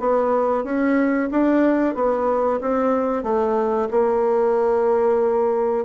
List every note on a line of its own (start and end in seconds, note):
0.00 0.65 B3
0.65 1.30 C#4
1.32 1.95 D4
1.95 2.61 B3
2.61 3.24 C4
3.24 3.89 A3
3.91 5.85 A#3